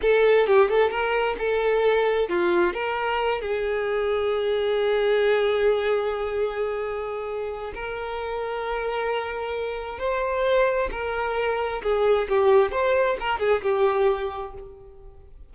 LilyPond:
\new Staff \with { instrumentName = "violin" } { \time 4/4 \tempo 4 = 132 a'4 g'8 a'8 ais'4 a'4~ | a'4 f'4 ais'4. gis'8~ | gis'1~ | gis'1~ |
gis'4 ais'2.~ | ais'2 c''2 | ais'2 gis'4 g'4 | c''4 ais'8 gis'8 g'2 | }